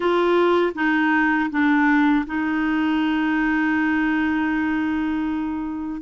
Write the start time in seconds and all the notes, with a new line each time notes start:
0.00 F4
0.75 D#4
1.50 D4
2.26 D#4